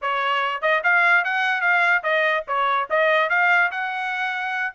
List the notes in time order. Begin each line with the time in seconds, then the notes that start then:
0.01 C#5
0.61 D#5
0.83 F5
1.24 F#5
1.61 F5
2.03 D#5
2.47 C#5
2.90 D#5
3.29 F5
3.71 F#5